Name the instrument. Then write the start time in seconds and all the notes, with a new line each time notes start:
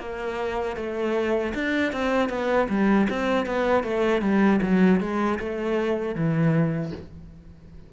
cello
0.00 A#3
0.77 A3
1.55 D4
1.93 C4
2.29 B3
2.70 G3
3.10 C4
3.46 B3
3.84 A3
4.22 G3
4.62 F#3
5.01 G#3
5.40 A3
6.15 E3